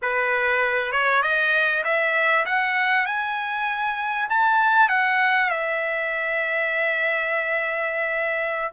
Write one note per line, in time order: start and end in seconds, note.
0.02 0.92 B4
0.92 1.22 C#5
1.22 1.83 D#5
1.84 2.45 E5
2.45 3.06 F#5
3.06 4.28 G#5
4.29 4.88 A5
4.88 5.50 F#5
5.50 8.71 E5